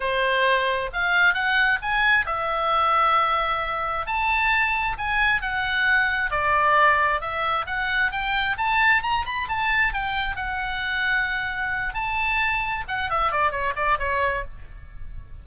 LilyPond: \new Staff \with { instrumentName = "oboe" } { \time 4/4 \tempo 4 = 133 c''2 f''4 fis''4 | gis''4 e''2.~ | e''4 a''2 gis''4 | fis''2 d''2 |
e''4 fis''4 g''4 a''4 | ais''8 b''8 a''4 g''4 fis''4~ | fis''2~ fis''8 a''4.~ | a''8 fis''8 e''8 d''8 cis''8 d''8 cis''4 | }